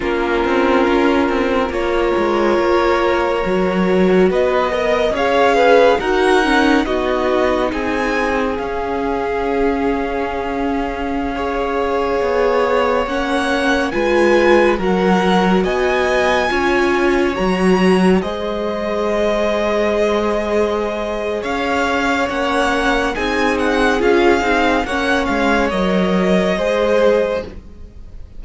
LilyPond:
<<
  \new Staff \with { instrumentName = "violin" } { \time 4/4 \tempo 4 = 70 ais'2 cis''2~ | cis''4 dis''4 f''4 fis''4 | dis''4 gis''4 f''2~ | f''2.~ f''16 fis''8.~ |
fis''16 gis''4 fis''4 gis''4.~ gis''16~ | gis''16 ais''4 dis''2~ dis''8.~ | dis''4 f''4 fis''4 gis''8 fis''8 | f''4 fis''8 f''8 dis''2 | }
  \new Staff \with { instrumentName = "violin" } { \time 4/4 f'2 ais'2~ | ais'4 b'8 dis''8 cis''8 b'8 ais'4 | fis'4 gis'2.~ | gis'4~ gis'16 cis''2~ cis''8.~ |
cis''16 b'4 ais'4 dis''4 cis''8.~ | cis''4~ cis''16 c''2~ c''8.~ | c''4 cis''2 gis'4~ | gis'4 cis''2 c''4 | }
  \new Staff \with { instrumentName = "viola" } { \time 4/4 cis'2 f'2 | fis'4. ais'8 gis'4 fis'8 cis'8 | dis'2 cis'2~ | cis'4~ cis'16 gis'2 cis'8.~ |
cis'16 f'4 fis'2 f'8.~ | f'16 fis'4 gis'2~ gis'8.~ | gis'2 cis'4 dis'4 | f'8 dis'8 cis'4 ais'4 gis'4 | }
  \new Staff \with { instrumentName = "cello" } { \time 4/4 ais8 c'8 cis'8 c'8 ais8 gis8 ais4 | fis4 b4 cis'4 dis'4 | b4 c'4 cis'2~ | cis'2~ cis'16 b4 ais8.~ |
ais16 gis4 fis4 b4 cis'8.~ | cis'16 fis4 gis2~ gis8.~ | gis4 cis'4 ais4 c'4 | cis'8 c'8 ais8 gis8 fis4 gis4 | }
>>